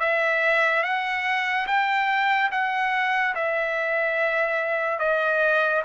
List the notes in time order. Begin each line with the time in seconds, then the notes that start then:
0.00 E5
0.83 F#5
1.67 G5
2.51 F#5
3.35 E5
4.99 D#5